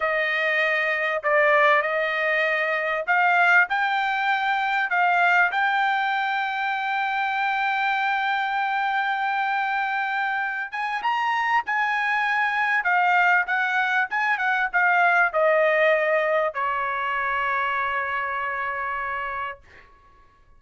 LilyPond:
\new Staff \with { instrumentName = "trumpet" } { \time 4/4 \tempo 4 = 98 dis''2 d''4 dis''4~ | dis''4 f''4 g''2 | f''4 g''2.~ | g''1~ |
g''4. gis''8 ais''4 gis''4~ | gis''4 f''4 fis''4 gis''8 fis''8 | f''4 dis''2 cis''4~ | cis''1 | }